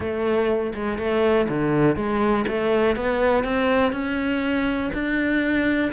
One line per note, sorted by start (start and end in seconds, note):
0.00 0.73 A3
0.74 0.98 G#3
0.98 1.47 A3
1.48 1.96 D3
1.96 2.45 G#3
2.47 2.96 A3
2.96 3.44 B3
3.44 3.92 C4
3.92 4.90 C#4
4.93 5.92 D4